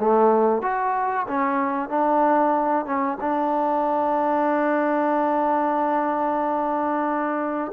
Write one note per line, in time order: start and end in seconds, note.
0.00 0.62 A3
0.62 1.27 F#4
1.28 1.90 C#4
1.90 2.86 D4
2.86 3.18 C#4
3.21 7.72 D4